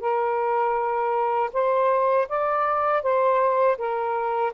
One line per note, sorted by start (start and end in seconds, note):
0.00 1.50 A#4
1.52 2.27 C5
2.28 3.02 D5
3.02 3.77 C5
3.77 4.52 A#4